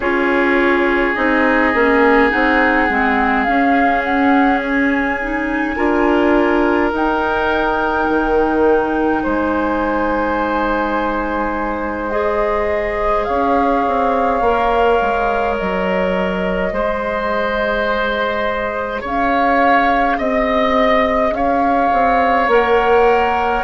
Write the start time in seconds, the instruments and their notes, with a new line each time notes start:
0.00 bassoon C#4, clarinet F4, oboe G#4, flute C#5
1.14 bassoon C4, clarinet D#4, flute D#5
1.74 bassoon A#3, clarinet C#4
2.30 bassoon C4, clarinet D#4, flute F#5
2.89 bassoon G#3, clarinet C4
3.44 clarinet C#4, bassoon C#4, flute F5
4.04 flute F#5
4.58 flute G#5
5.21 clarinet D#4
5.76 bassoon D4, clarinet F4, oboe A#4
6.92 bassoon D#4, clarinet D#4, flute G5
8.08 bassoon D#3
9.23 bassoon G#3, oboe C5, flute G#5
12.10 clarinet G#4, flute D#5
13.24 bassoon C#4, oboe C#5, flute F5
13.86 bassoon C4
14.40 bassoon A#3, clarinet A#4
15.01 bassoon G#3
15.56 bassoon F#3, flute D#5
16.72 bassoon G#3, clarinet G#4, oboe C5
19.01 bassoon C#4, oboe C#5, flute F5
20.18 bassoon C4, oboe D#5, flute D#5
21.31 bassoon C#4, oboe C#5, flute F5
21.92 bassoon C4
22.47 bassoon A#3, clarinet A#4, flute F#5